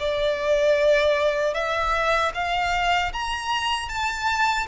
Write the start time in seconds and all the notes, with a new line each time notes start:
0.00 D5
1.54 E5
2.35 F5
3.13 A#5
3.89 A5